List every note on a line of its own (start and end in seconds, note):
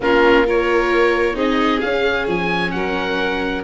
0.00 1.35 A#3
0.00 0.45 C#4
0.00 0.46 F4
0.00 0.47 A#4
0.45 1.33 F4
0.45 1.35 A#4
0.45 1.37 C#5
1.33 1.80 C4
1.33 1.79 D#4
1.33 2.72 G#4
1.33 1.80 D#5
1.80 3.64 C#4
1.80 2.27 C#4
1.80 2.25 F5
2.27 2.72 F3
2.27 2.71 G#5
2.71 3.64 F#3
2.71 3.64 A#4
2.71 3.62 F#5